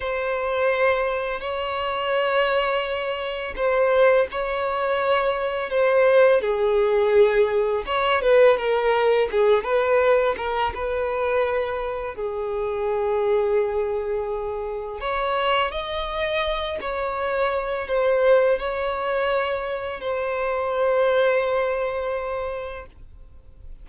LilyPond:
\new Staff \with { instrumentName = "violin" } { \time 4/4 \tempo 4 = 84 c''2 cis''2~ | cis''4 c''4 cis''2 | c''4 gis'2 cis''8 b'8 | ais'4 gis'8 b'4 ais'8 b'4~ |
b'4 gis'2.~ | gis'4 cis''4 dis''4. cis''8~ | cis''4 c''4 cis''2 | c''1 | }